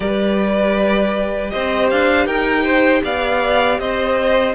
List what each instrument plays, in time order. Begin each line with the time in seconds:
0.00 cello G3, viola G4, violin B4 D5
1.50 cello C4, violin C5 D#5
1.90 cello D4, violin F5
2.26 cello D#4, violin A#4 G5
2.63 violin C5
3.03 cello B3, violin D5 F5
3.78 cello C4, violin C5 D#5